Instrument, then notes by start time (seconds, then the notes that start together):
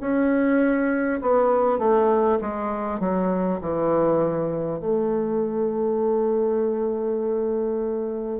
bassoon
0.00 C#4
1.22 B3
1.79 A3
2.41 G#3
2.99 F#3
3.61 E3
4.79 A3